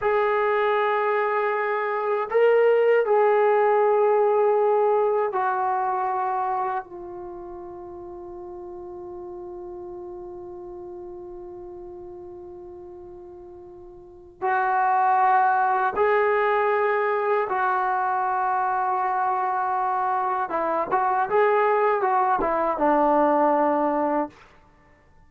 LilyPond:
\new Staff \with { instrumentName = "trombone" } { \time 4/4 \tempo 4 = 79 gis'2. ais'4 | gis'2. fis'4~ | fis'4 f'2.~ | f'1~ |
f'2. fis'4~ | fis'4 gis'2 fis'4~ | fis'2. e'8 fis'8 | gis'4 fis'8 e'8 d'2 | }